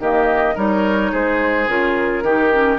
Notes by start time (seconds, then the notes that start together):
0.00 D#3 A#3 G4 D#5
0.55 G3 D#4 A#4 C#5
1.12 G#3 G#4 C5
1.68 C#3 F4 A#4
2.23 D#3 D#4 G4
2.53 C#4